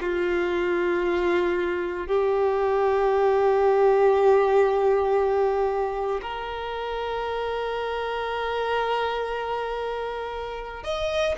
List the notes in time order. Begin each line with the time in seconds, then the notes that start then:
0.00 F4
2.07 G4
6.21 A#4
10.83 D#5